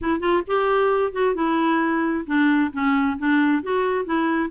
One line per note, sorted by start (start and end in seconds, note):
0.01 0.20 E4
0.20 0.42 F4
0.47 1.12 G4
1.12 1.34 F#4
1.34 2.25 E4
2.26 2.71 D4
2.72 3.17 C#4
3.18 3.62 D4
3.62 4.05 F#4
4.05 4.50 E4